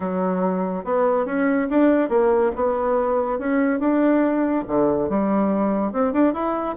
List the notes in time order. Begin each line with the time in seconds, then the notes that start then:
0.00 F#3
0.84 B3
1.25 C#4
1.70 D4
2.09 A#3
2.55 B3
3.38 C#4
3.79 D4
4.67 D3
5.09 G3
5.92 C4
6.12 D4
6.33 E4